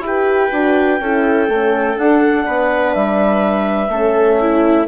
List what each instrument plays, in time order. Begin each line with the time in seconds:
0.00 bassoon E4, horn G4
0.06 viola B4, clarinet G5
0.51 bassoon D4, horn F#4
1.00 bassoon C#4, horn E4, viola A4
1.48 bassoon A3, horn C#4
1.96 horn D4, bassoon D4, clarinet F#5
2.46 bassoon B3, viola B4
2.94 bassoon G3, clarinet E5
3.89 bassoon A3, horn C#4, viola A4
4.41 viola E4